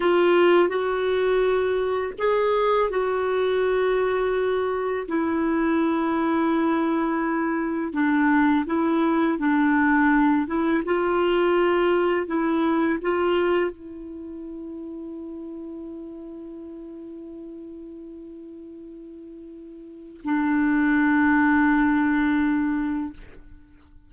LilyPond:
\new Staff \with { instrumentName = "clarinet" } { \time 4/4 \tempo 4 = 83 f'4 fis'2 gis'4 | fis'2. e'4~ | e'2. d'4 | e'4 d'4. e'8 f'4~ |
f'4 e'4 f'4 e'4~ | e'1~ | e'1 | d'1 | }